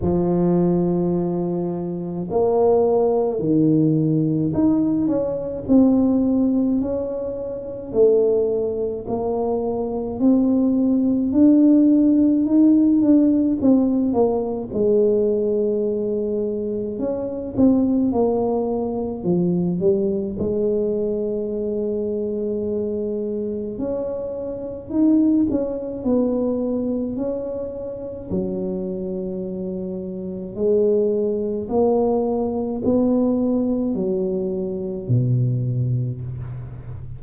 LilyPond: \new Staff \with { instrumentName = "tuba" } { \time 4/4 \tempo 4 = 53 f2 ais4 dis4 | dis'8 cis'8 c'4 cis'4 a4 | ais4 c'4 d'4 dis'8 d'8 | c'8 ais8 gis2 cis'8 c'8 |
ais4 f8 g8 gis2~ | gis4 cis'4 dis'8 cis'8 b4 | cis'4 fis2 gis4 | ais4 b4 fis4 b,4 | }